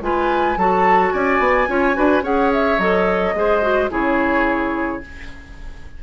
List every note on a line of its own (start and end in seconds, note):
0.00 0.56 G#3
0.00 0.57 F4
0.00 0.58 B4
0.00 0.58 G#5
0.56 1.12 F#3
0.56 1.67 F#4
0.56 1.13 A4
0.56 1.11 A5
1.11 1.39 C#4
1.11 1.68 D5
1.11 2.22 G#5
1.39 1.66 B3
1.67 1.96 C#4
1.67 1.94 F4
1.67 1.96 C#5
1.94 2.22 D4
1.94 2.21 F#4
1.94 2.23 B4
2.22 2.77 C#4
2.22 2.78 G#4
2.22 3.34 C#5
2.22 2.51 F#5
2.52 2.79 E5
2.78 3.33 F#3
2.78 3.35 A4
2.78 3.90 D#5
3.34 3.90 G#3
3.34 3.61 G#4
3.34 3.91 C5
3.61 3.89 F#4
3.89 5.02 C#3
3.89 5.01 E4
3.89 5.02 G#4
3.89 5.02 C#5